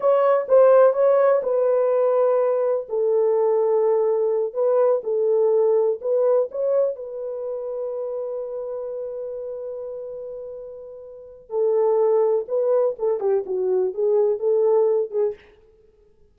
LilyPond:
\new Staff \with { instrumentName = "horn" } { \time 4/4 \tempo 4 = 125 cis''4 c''4 cis''4 b'4~ | b'2 a'2~ | a'4. b'4 a'4.~ | a'8 b'4 cis''4 b'4.~ |
b'1~ | b'1 | a'2 b'4 a'8 g'8 | fis'4 gis'4 a'4. gis'8 | }